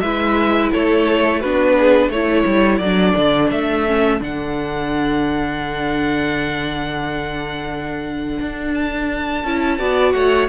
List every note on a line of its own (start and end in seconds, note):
0.00 0.71 G#3
0.00 1.43 E4
0.00 0.72 B4
0.00 0.70 E5
0.72 1.44 A3
0.72 1.41 A4
0.72 1.40 C#5
1.40 2.09 B3
1.40 2.13 D4
1.40 1.75 F#4
1.40 2.10 B4
1.78 2.12 G#4
2.09 2.44 A3
2.09 2.83 E4
2.09 9.79 A4
2.09 2.78 C#5
2.46 2.80 G3
2.78 3.15 F#3
2.78 3.87 D4
2.78 3.48 D5
3.16 3.51 D3
3.51 4.21 A3
3.51 4.21 E5
3.87 4.20 C#4
4.20 8.40 D3
4.20 9.43 D4
4.20 8.74 F#5
8.40 9.44 D4
8.74 10.12 A5
9.44 9.79 C#4
9.44 9.79 E4
9.79 10.14 B3
9.79 10.49 F#4
9.79 10.14 D5
10.12 10.49 A3
10.12 10.49 C#5
10.12 10.47 F#5